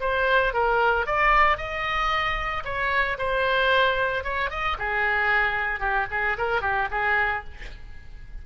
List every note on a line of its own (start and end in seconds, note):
0.00 0.53 C5
0.53 1.06 A#4
1.06 1.57 D5
1.57 2.63 D#5
2.64 3.17 C#5
3.18 4.24 C5
4.24 4.50 C#5
4.50 4.76 D#5
4.78 5.79 G#4
5.79 6.06 G4
6.10 6.37 G#4
6.37 6.61 A#4
6.61 6.88 G4
6.91 7.44 G#4